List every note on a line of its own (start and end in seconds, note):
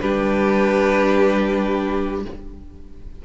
0.00 2.25 G3
0.00 2.23 D4
0.00 2.24 G4
0.00 2.22 B4